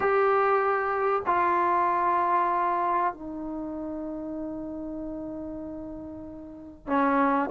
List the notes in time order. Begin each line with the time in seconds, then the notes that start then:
0.00 G4
1.26 F4
3.13 D#4
6.87 C#4